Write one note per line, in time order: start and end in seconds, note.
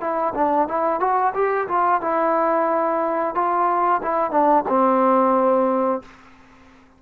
0.00 0.33 E4
0.35 0.68 D4
0.68 1.00 E4
1.00 1.33 F#4
1.34 1.67 G4
1.68 2.01 F4
2.01 3.35 E4
3.35 4.01 F4
4.02 4.31 E4
4.31 4.64 D4
4.68 6.02 C4